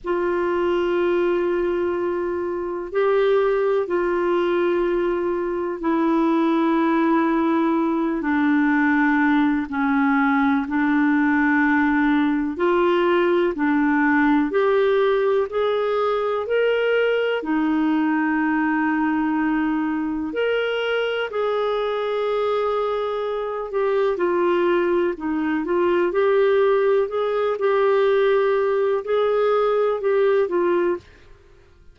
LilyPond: \new Staff \with { instrumentName = "clarinet" } { \time 4/4 \tempo 4 = 62 f'2. g'4 | f'2 e'2~ | e'8 d'4. cis'4 d'4~ | d'4 f'4 d'4 g'4 |
gis'4 ais'4 dis'2~ | dis'4 ais'4 gis'2~ | gis'8 g'8 f'4 dis'8 f'8 g'4 | gis'8 g'4. gis'4 g'8 f'8 | }